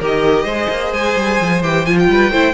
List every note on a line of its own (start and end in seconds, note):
0.00 0.44 D#3
0.00 0.48 G4
0.00 0.44 A#4
0.06 0.94 D#5
0.44 0.67 G#3
0.44 1.64 G#4
0.44 2.05 C5
0.69 0.92 A#3
0.92 1.15 G#3
0.92 1.63 G#5
1.17 1.40 G3
1.41 1.63 F3
1.63 1.86 E3
1.63 1.86 G4
1.63 1.86 G5
1.86 2.08 F3
1.86 2.32 F4
1.86 1.98 G#5
1.99 2.55 G5
2.08 2.31 G3
2.08 2.31 B4
2.31 2.54 A3
2.31 2.55 E4
2.31 2.55 C5